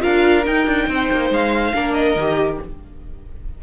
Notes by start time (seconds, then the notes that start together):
0.00 D4 F4 A#4 F5
0.45 D#4 G5
0.66 D4
0.88 C4 C5
1.12 A#3
1.30 G#3 F5
1.74 A#3 D4 A#4
1.94 D#5
2.16 D#3 G4